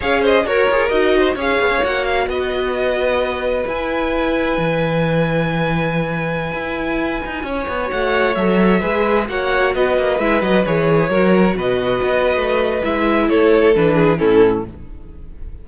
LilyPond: <<
  \new Staff \with { instrumentName = "violin" } { \time 4/4 \tempo 4 = 131 f''8 dis''8 cis''4 dis''4 f''4 | fis''8 f''8 dis''2. | gis''1~ | gis''1~ |
gis''4~ gis''16 fis''4 e''4.~ e''16~ | e''16 fis''4 dis''4 e''8 dis''8 cis''8.~ | cis''4~ cis''16 dis''2~ dis''8. | e''4 cis''4 b'4 a'4 | }
  \new Staff \with { instrumentName = "violin" } { \time 4/4 cis''8 c''8 ais'4. c''8 cis''4~ | cis''4 b'2.~ | b'1~ | b'1~ |
b'16 cis''2. b'8.~ | b'16 cis''4 b'2~ b'8.~ | b'16 ais'4 b'2~ b'8.~ | b'4 a'4. gis'8 e'4 | }
  \new Staff \with { instrumentName = "viola" } { \time 4/4 gis'4 ais'8 gis'8 fis'4 gis'4 | fis'1 | e'1~ | e'1~ |
e'4~ e'16 fis'4 a'4 gis'8.~ | gis'16 fis'2 e'8 fis'8 gis'8.~ | gis'16 fis'2.~ fis'8. | e'2 d'4 cis'4 | }
  \new Staff \with { instrumentName = "cello" } { \time 4/4 cis'4 fis'8 f'8 dis'4 cis'8 b16 cis'16 | ais4 b2. | e'2 e2~ | e2~ e16 e'4. dis'16~ |
dis'16 cis'8 b8 a4 fis4 gis8.~ | gis16 ais4 b8 ais8 gis8 fis8 e8.~ | e16 fis4 b,4 b8. a4 | gis4 a4 e4 a,4 | }
>>